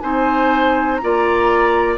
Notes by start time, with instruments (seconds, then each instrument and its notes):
0.00 bassoon C4, clarinet D#4, oboe C5, flute G#5
0.97 clarinet F4, flute A#5
1.03 bassoon A#3, oboe D5